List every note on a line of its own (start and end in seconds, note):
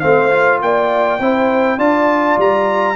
0.00 0.62 A3
0.00 0.30 C4
0.00 0.60 C5
0.00 0.59 F5
0.30 1.19 F4
0.62 1.19 A#3
0.62 1.21 D5
0.62 1.79 G5
1.19 1.77 C4
1.19 1.78 E4
1.19 1.78 C5
1.77 2.36 D4
1.77 2.95 F4
1.77 2.95 D5
1.77 2.38 A5
2.38 2.95 G3
2.38 2.95 A#5